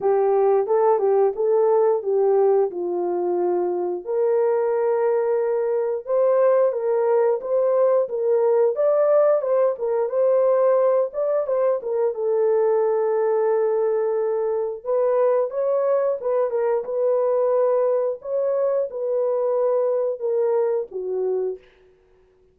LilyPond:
\new Staff \with { instrumentName = "horn" } { \time 4/4 \tempo 4 = 89 g'4 a'8 g'8 a'4 g'4 | f'2 ais'2~ | ais'4 c''4 ais'4 c''4 | ais'4 d''4 c''8 ais'8 c''4~ |
c''8 d''8 c''8 ais'8 a'2~ | a'2 b'4 cis''4 | b'8 ais'8 b'2 cis''4 | b'2 ais'4 fis'4 | }